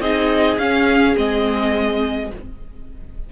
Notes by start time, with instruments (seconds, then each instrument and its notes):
0.00 cello C4, viola D#4, violin G#4 D#5
0.58 cello C#4, viola C#4, violin F5
1.16 cello G#3, viola C4, violin D#5